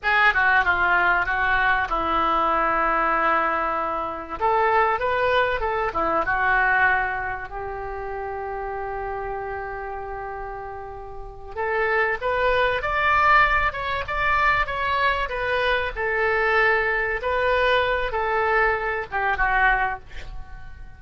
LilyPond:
\new Staff \with { instrumentName = "oboe" } { \time 4/4 \tempo 4 = 96 gis'8 fis'8 f'4 fis'4 e'4~ | e'2. a'4 | b'4 a'8 e'8 fis'2 | g'1~ |
g'2~ g'8 a'4 b'8~ | b'8 d''4. cis''8 d''4 cis''8~ | cis''8 b'4 a'2 b'8~ | b'4 a'4. g'8 fis'4 | }